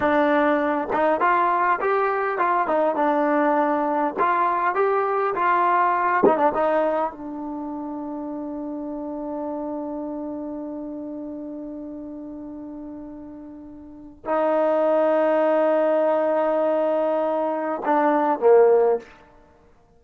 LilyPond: \new Staff \with { instrumentName = "trombone" } { \time 4/4 \tempo 4 = 101 d'4. dis'8 f'4 g'4 | f'8 dis'8 d'2 f'4 | g'4 f'4. dis'16 d'16 dis'4 | d'1~ |
d'1~ | d'1 | dis'1~ | dis'2 d'4 ais4 | }